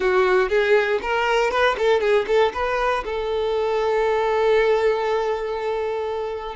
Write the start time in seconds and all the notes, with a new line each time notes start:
0.00 F#4
0.49 G#4
1.02 A#4
1.50 B4
1.78 A4
2.00 G#4
2.27 A4
2.53 B4
3.04 A4